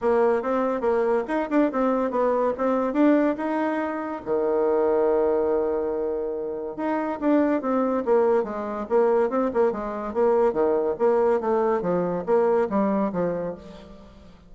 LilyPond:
\new Staff \with { instrumentName = "bassoon" } { \time 4/4 \tempo 4 = 142 ais4 c'4 ais4 dis'8 d'8 | c'4 b4 c'4 d'4 | dis'2 dis2~ | dis1 |
dis'4 d'4 c'4 ais4 | gis4 ais4 c'8 ais8 gis4 | ais4 dis4 ais4 a4 | f4 ais4 g4 f4 | }